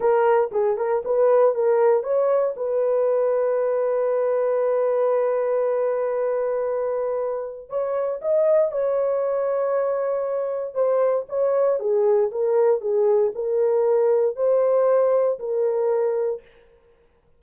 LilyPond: \new Staff \with { instrumentName = "horn" } { \time 4/4 \tempo 4 = 117 ais'4 gis'8 ais'8 b'4 ais'4 | cis''4 b'2.~ | b'1~ | b'2. cis''4 |
dis''4 cis''2.~ | cis''4 c''4 cis''4 gis'4 | ais'4 gis'4 ais'2 | c''2 ais'2 | }